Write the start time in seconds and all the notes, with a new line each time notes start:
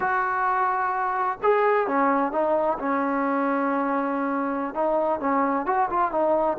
0.00 F#4
1.42 G#4
1.87 C#4
2.32 D#4
2.78 C#4
4.74 D#4
5.20 C#4
5.66 F#4
5.90 F4
6.11 D#4